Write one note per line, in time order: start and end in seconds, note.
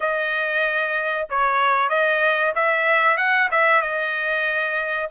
0.00 1.28 D#5
1.29 1.89 C#5
1.89 2.53 D#5
2.55 3.17 E5
3.17 3.48 F#5
3.51 3.82 E5
3.82 5.09 D#5